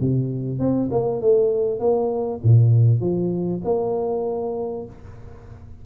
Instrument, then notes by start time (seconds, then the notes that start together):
tuba
0.00 C3
0.59 C4
0.91 A#3
1.21 A3
1.79 A#3
2.43 A#2
3.00 F3
3.64 A#3